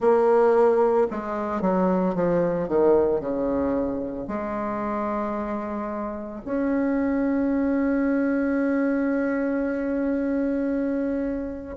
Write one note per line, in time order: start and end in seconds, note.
0.00 1.07 A#3
1.10 1.61 G#3
1.61 2.14 F#3
2.14 2.68 F3
2.68 3.20 D#3
3.20 4.27 C#3
4.27 6.41 G#3
6.44 11.76 C#4